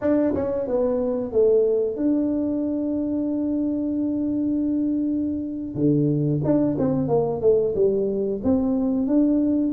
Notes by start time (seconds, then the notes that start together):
0.01 D4
0.34 C#4
0.67 B3
1.32 A3
1.96 D4
5.75 D3
6.43 D4
6.78 C4
7.08 A#3
7.41 A3
7.75 G3
8.43 C4
9.07 D4